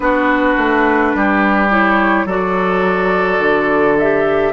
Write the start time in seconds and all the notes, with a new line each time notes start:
0.00 B3 D4 F#4 B4
0.57 A3
1.14 G3 G4
1.69 E4 C#5
2.25 F#3 F#4 A4 D5
3.38 D3
3.97 G4 E5